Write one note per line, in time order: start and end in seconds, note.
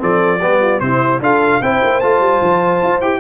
0.00 0.43 F3
0.00 0.40 C4
0.00 0.41 A4
0.00 0.81 D5
0.41 0.81 G3
0.41 0.82 B3
0.41 0.61 G4
0.62 0.82 F4
0.81 1.21 C3
0.81 1.22 C4
0.81 1.23 E4
0.81 1.21 C5
1.21 1.61 D4
1.21 1.62 F4
1.21 1.63 A4
1.21 1.63 F5
1.62 1.82 C4
1.62 2.03 E4
1.62 3.20 C5
1.62 2.01 G5
1.84 2.03 A#3
2.01 2.21 A3
2.01 3.02 F4
2.01 3.01 A5
2.21 2.41 G3
2.42 2.82 F3
2.84 3.01 F4
3.01 3.20 E4
3.01 3.20 G4
3.01 3.20 G5